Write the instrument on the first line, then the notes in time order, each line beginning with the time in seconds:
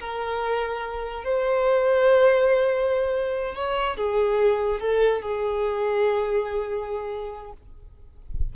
violin
0.00 A#4
1.24 C5
3.55 C#5
3.97 G#4
4.80 A4
5.22 G#4